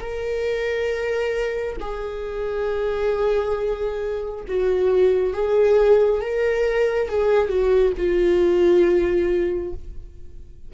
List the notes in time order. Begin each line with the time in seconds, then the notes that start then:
0.00 A#4
1.80 G#4
4.48 F#4
5.33 G#4
6.21 A#4
7.08 G#4
7.48 F#4
7.97 F4